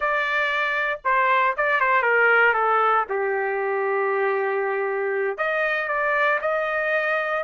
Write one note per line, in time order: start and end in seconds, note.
0.00 1.00 D5
1.04 1.55 C5
1.56 1.80 D5
1.80 2.02 C5
2.02 2.53 A#4
2.53 3.05 A4
3.09 5.37 G4
5.37 5.88 D#5
5.88 6.39 D5
6.41 7.43 D#5